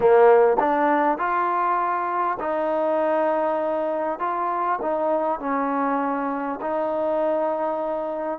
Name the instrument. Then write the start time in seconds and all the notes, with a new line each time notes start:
trombone
0.00 A#3
0.59 D4
1.18 F4
2.39 D#4
4.19 F4
4.81 D#4
5.39 C#4
6.61 D#4